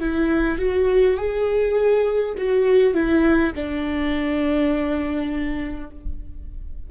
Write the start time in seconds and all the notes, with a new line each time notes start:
0.00 E4
0.58 F#4
1.17 G#4
2.37 F#4
2.94 E4
3.55 D4